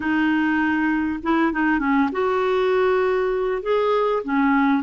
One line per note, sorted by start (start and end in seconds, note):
0.00 1.19 D#4
1.22 1.52 E4
1.52 1.79 D#4
1.79 2.09 C#4
2.12 3.62 F#4
3.62 4.23 G#4
4.23 4.83 C#4